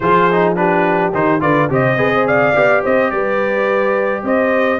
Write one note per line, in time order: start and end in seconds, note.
0.00 1.11 F3
0.00 0.30 F4
0.00 0.58 G#4
0.00 0.54 C5
0.32 0.55 D#4
0.55 1.12 D4
0.55 1.41 G4
0.55 1.12 B4
1.13 1.41 D#3
1.13 1.40 D#4
1.13 1.41 C5
1.40 1.69 D3
1.40 1.68 F4
1.40 1.69 B4
1.40 1.69 D5
1.69 1.96 C3
1.69 1.97 G4
1.69 1.97 C5
1.69 2.27 D#5
1.96 2.53 C4
1.96 2.53 G#4
1.96 2.11 B4
2.14 2.27 C5
2.27 2.83 D5
2.27 2.83 F5
2.53 2.83 B3
2.53 4.79 G4
2.83 3.11 C4
2.83 3.11 C5
2.83 3.10 D#5
3.10 4.23 G3
3.10 4.23 B4
3.10 4.24 D5
4.23 4.79 C4
4.23 4.79 C5
4.23 4.79 D#5